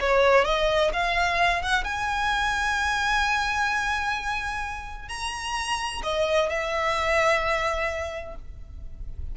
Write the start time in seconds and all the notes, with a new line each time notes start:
0.00 C#5
0.45 D#5
0.93 F5
1.62 F#5
1.84 G#5
5.09 A#5
6.03 D#5
6.49 E5